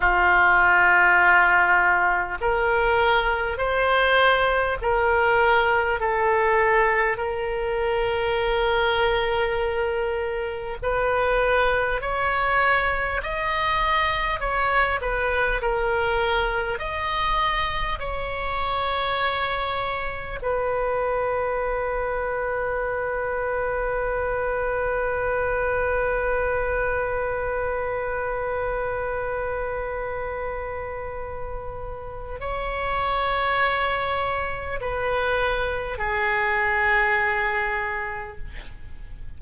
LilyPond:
\new Staff \with { instrumentName = "oboe" } { \time 4/4 \tempo 4 = 50 f'2 ais'4 c''4 | ais'4 a'4 ais'2~ | ais'4 b'4 cis''4 dis''4 | cis''8 b'8 ais'4 dis''4 cis''4~ |
cis''4 b'2.~ | b'1~ | b'2. cis''4~ | cis''4 b'4 gis'2 | }